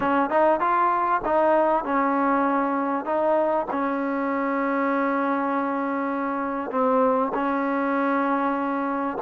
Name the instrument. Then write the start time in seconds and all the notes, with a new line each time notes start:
trombone
0.00 C#4
0.29 D#4
0.60 F4
1.24 D#4
1.84 C#4
3.05 D#4
3.70 C#4
6.70 C4
7.34 C#4